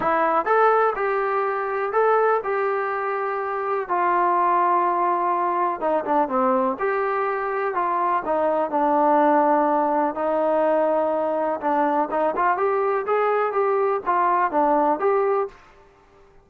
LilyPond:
\new Staff \with { instrumentName = "trombone" } { \time 4/4 \tempo 4 = 124 e'4 a'4 g'2 | a'4 g'2. | f'1 | dis'8 d'8 c'4 g'2 |
f'4 dis'4 d'2~ | d'4 dis'2. | d'4 dis'8 f'8 g'4 gis'4 | g'4 f'4 d'4 g'4 | }